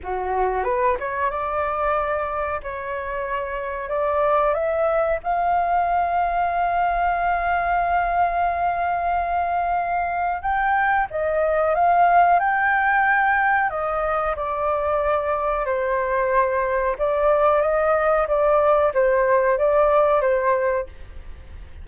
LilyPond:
\new Staff \with { instrumentName = "flute" } { \time 4/4 \tempo 4 = 92 fis'4 b'8 cis''8 d''2 | cis''2 d''4 e''4 | f''1~ | f''1 |
g''4 dis''4 f''4 g''4~ | g''4 dis''4 d''2 | c''2 d''4 dis''4 | d''4 c''4 d''4 c''4 | }